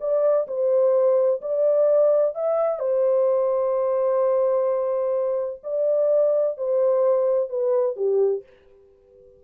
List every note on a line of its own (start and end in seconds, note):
0.00 0.47 D5
0.47 1.41 C5
1.41 2.35 D5
2.35 2.79 E5
2.79 5.61 C5
5.63 6.57 D5
6.57 7.50 C5
7.50 7.96 B4
7.96 8.43 G4